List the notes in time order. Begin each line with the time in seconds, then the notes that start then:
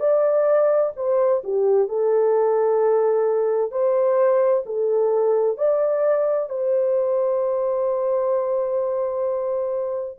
0.00 D5
0.97 C5
1.44 G4
1.88 A4
3.71 C5
4.66 A4
5.58 D5
6.50 C5